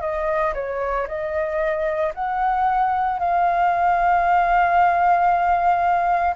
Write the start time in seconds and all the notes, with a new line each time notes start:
0.00 D#5
0.54 C#5
1.07 D#5
2.14 F#5
3.19 F5